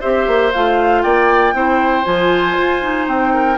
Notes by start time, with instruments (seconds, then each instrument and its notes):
0.00 bassoon C4, clarinet G4, oboe C5, flute E5
0.27 bassoon A#3
0.52 bassoon A3, clarinet F4, flute F5
1.02 bassoon A#3, oboe D5, flute G5
1.53 bassoon C4, clarinet E4, oboe C5
2.04 bassoon F3, clarinet F4, flute G#5
2.58 bassoon F4
2.80 clarinet D#4
3.07 bassoon C4, flute G5
3.33 oboe A#4